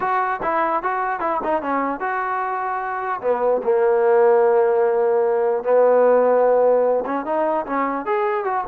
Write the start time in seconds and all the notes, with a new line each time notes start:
0.00 F#4
0.42 E4
0.83 F#4
1.20 E4
1.43 D#4
1.61 C#4
2.00 F#4
3.21 B3
3.63 A#3
5.63 B3
7.05 C#4
7.25 D#4
7.66 C#4
8.05 G#4
8.44 F#4